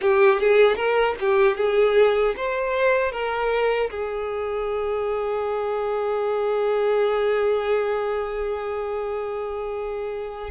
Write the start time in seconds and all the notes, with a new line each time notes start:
0.01 G4
0.40 G#4
0.75 A#4
1.19 G4
1.56 G#4
2.36 C5
3.12 A#4
3.90 G#4